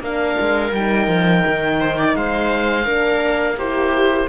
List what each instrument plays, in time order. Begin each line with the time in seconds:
0.00 cello A#3, horn D4, viola A#4, oboe F5
0.40 cello G#3
0.72 cello G3, horn D#4, oboe G5
1.07 cello F3
1.47 cello D#3
1.80 viola C5
1.98 viola D5
2.15 cello G#3, viola C5, oboe F5
2.85 cello A#3, horn D4, viola A#4
3.57 horn E4, viola G4, oboe C5